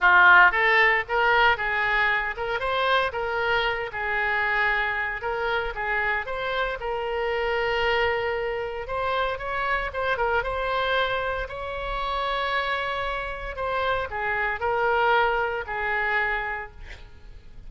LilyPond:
\new Staff \with { instrumentName = "oboe" } { \time 4/4 \tempo 4 = 115 f'4 a'4 ais'4 gis'4~ | gis'8 ais'8 c''4 ais'4. gis'8~ | gis'2 ais'4 gis'4 | c''4 ais'2.~ |
ais'4 c''4 cis''4 c''8 ais'8 | c''2 cis''2~ | cis''2 c''4 gis'4 | ais'2 gis'2 | }